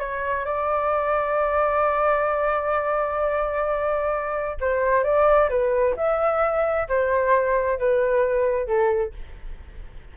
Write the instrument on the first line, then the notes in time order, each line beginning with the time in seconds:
flute
0.00 C#5
0.45 D5
4.61 C5
5.04 D5
5.50 B4
5.97 E5
6.88 C5
7.79 B4
8.67 A4